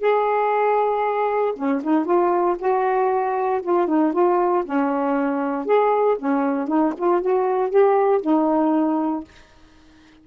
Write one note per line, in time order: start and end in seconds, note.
0.00 1.54 G#4
1.56 1.82 C#4
1.83 2.05 D#4
2.05 2.56 F4
2.59 3.61 F#4
3.62 3.87 F4
3.87 4.13 D#4
4.13 4.64 F4
4.65 5.65 C#4
5.65 6.17 G#4
6.19 6.68 C#4
6.68 6.93 D#4
6.97 7.22 F4
7.22 7.70 F#4
7.70 8.21 G4
8.21 9.24 D#4